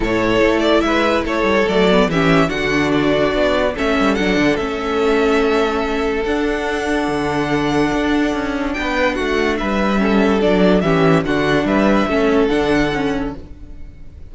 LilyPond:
<<
  \new Staff \with { instrumentName = "violin" } { \time 4/4 \tempo 4 = 144 cis''4. d''8 e''4 cis''4 | d''4 e''4 fis''4 d''4~ | d''4 e''4 fis''4 e''4~ | e''2. fis''4~ |
fis''1~ | fis''4 g''4 fis''4 e''4~ | e''4 d''4 e''4 fis''4 | e''2 fis''2 | }
  \new Staff \with { instrumentName = "violin" } { \time 4/4 a'2 b'4 a'4~ | a'4 g'4 fis'2~ | fis'4 a'2.~ | a'1~ |
a'1~ | a'4 b'4 fis'4 b'4 | a'2 g'4 fis'4 | b'4 a'2. | }
  \new Staff \with { instrumentName = "viola" } { \time 4/4 e'1 | a8 b8 cis'4 d'2~ | d'4 cis'4 d'4 cis'4~ | cis'2. d'4~ |
d'1~ | d'1 | cis'4 d'4 cis'4 d'4~ | d'4 cis'4 d'4 cis'4 | }
  \new Staff \with { instrumentName = "cello" } { \time 4/4 a,4 a4 gis4 a8 g8 | fis4 e4 d2 | b4 a8 g8 fis8 d8 a4~ | a2. d'4~ |
d'4 d2 d'4 | cis'4 b4 a4 g4~ | g4 fis4 e4 d4 | g4 a4 d2 | }
>>